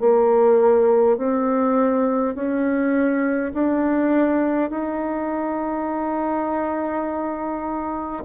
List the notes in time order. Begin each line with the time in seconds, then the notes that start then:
0.00 A#3
1.18 C4
2.35 C#4
3.55 D4
4.71 D#4